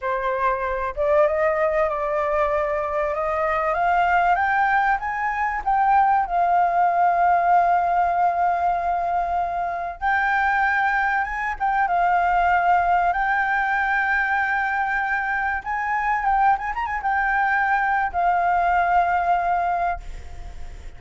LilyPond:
\new Staff \with { instrumentName = "flute" } { \time 4/4 \tempo 4 = 96 c''4. d''8 dis''4 d''4~ | d''4 dis''4 f''4 g''4 | gis''4 g''4 f''2~ | f''1 |
g''2 gis''8 g''8 f''4~ | f''4 g''2.~ | g''4 gis''4 g''8 gis''16 ais''16 gis''16 g''8.~ | g''4 f''2. | }